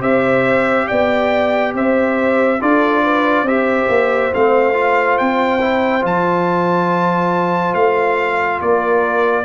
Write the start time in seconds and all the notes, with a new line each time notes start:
0.00 C4 G4 C5 E5
0.87 B3 D5 G5
1.74 C4 C5 E5
2.61 D4 F4 A4 D5
3.04 B4
3.42 C4 G4 C5 E5
3.89 A#3
4.33 A3 C4 F5
4.73 F4
5.18 C4 G5
5.61 E4
6.01 F3 F4 A5
7.74 A3 F5
8.60 A#3 A#4 D5